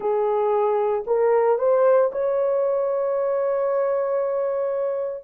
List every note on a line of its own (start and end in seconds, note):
0.00 1.04 G#4
1.07 1.58 A#4
1.58 2.11 C5
2.11 5.23 C#5